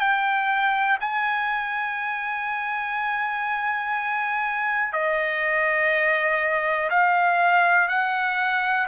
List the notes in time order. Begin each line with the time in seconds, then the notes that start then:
0.00 G5
1.00 G#5
4.93 D#5
6.90 F5
7.89 F#5